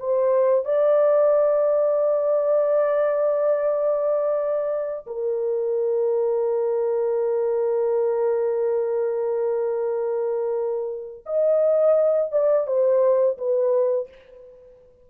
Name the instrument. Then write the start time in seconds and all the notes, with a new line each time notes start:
horn
0.00 C5
0.65 D5
5.07 A#4
11.26 D#5
12.32 D5
12.67 C5
13.38 B4